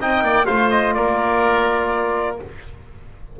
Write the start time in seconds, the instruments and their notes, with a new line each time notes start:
0.00 double bass C4, trombone D#4, oboe D#5, trumpet G5
0.22 double bass A#3, oboe D5
0.45 double bass A3, trombone F4, oboe C5, trumpet F5
0.70 trumpet D#5
0.94 double bass A#3, oboe A#4, trumpet D5